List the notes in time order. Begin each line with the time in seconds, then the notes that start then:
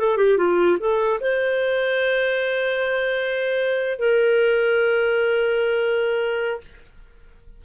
0.00 A4
0.18 G4
0.38 F4
0.80 A4
1.21 C5
3.99 A#4